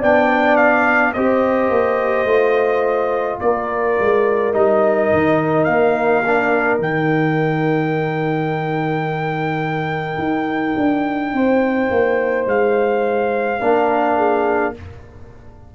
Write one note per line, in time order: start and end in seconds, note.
0.00 1.16 B3
0.00 1.16 D4
0.00 1.13 D5
0.00 0.56 G5
0.56 1.13 F5
1.14 1.70 C4
1.14 2.28 G4
1.14 3.41 C5
1.14 3.40 D#5
1.70 2.25 A#3
2.25 3.38 A3
2.25 4.54 F4
3.41 3.99 A#3
3.41 11.34 A#4
3.41 4.54 D5
4.00 4.54 G#3
4.54 5.11 G3
4.54 6.24 D#4
4.54 5.65 D#5
5.13 5.67 D#3
5.65 6.79 A#3
5.65 6.78 F5
6.26 6.80 D4
6.79 10.18 D#3
6.79 13.59 D#4
6.79 12.49 G5
10.18 10.75 D#4
10.78 11.34 D4
11.34 11.90 C4
11.34 13.61 C5
11.91 12.47 A#3
12.47 13.60 G#3
12.47 14.75 F5
13.61 14.75 A#3
13.61 14.75 D4
13.61 14.18 A#4
14.18 14.75 G#4